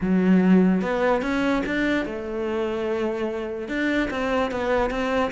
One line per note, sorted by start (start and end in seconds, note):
0.01 0.81 F#3
0.81 1.22 B3
1.22 1.62 C#4
1.65 2.05 D4
2.05 3.68 A3
3.68 4.09 D4
4.10 4.51 C4
4.51 4.90 B3
4.90 5.31 C4